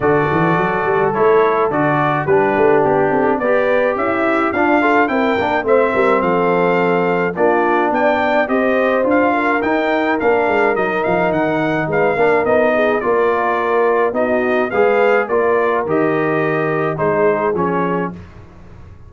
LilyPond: <<
  \new Staff \with { instrumentName = "trumpet" } { \time 4/4 \tempo 4 = 106 d''2 cis''4 d''4 | b'4 g'4 d''4 e''4 | f''4 g''4 e''4 f''4~ | f''4 d''4 g''4 dis''4 |
f''4 g''4 f''4 dis''8 f''8 | fis''4 f''4 dis''4 d''4~ | d''4 dis''4 f''4 d''4 | dis''2 c''4 cis''4 | }
  \new Staff \with { instrumentName = "horn" } { \time 4/4 a'1 | g'4. a'8 b'4 e'4 | f'8 a'8 ais'4 c''8 ais'8 a'4~ | a'4 f'4 d''4 c''4~ |
c''8 ais'2.~ ais'8~ | ais'4 b'8 ais'4 gis'8 ais'4~ | ais'4 fis'4 b'4 ais'4~ | ais'2 gis'2 | }
  \new Staff \with { instrumentName = "trombone" } { \time 4/4 fis'2 e'4 fis'4 | d'2 g'2 | d'8 f'8 e'8 d'8 c'2~ | c'4 d'2 g'4 |
f'4 dis'4 d'4 dis'4~ | dis'4. d'8 dis'4 f'4~ | f'4 dis'4 gis'4 f'4 | g'2 dis'4 cis'4 | }
  \new Staff \with { instrumentName = "tuba" } { \time 4/4 d8 e8 fis8 g8 a4 d4 | g8 a8 b8 c'8 b4 cis'4 | d'4 c'8 ais8 a8 g8 f4~ | f4 ais4 b4 c'4 |
d'4 dis'4 ais8 gis8 fis8 f8 | dis4 gis8 ais8 b4 ais4~ | ais4 b4 gis4 ais4 | dis2 gis4 f4 | }
>>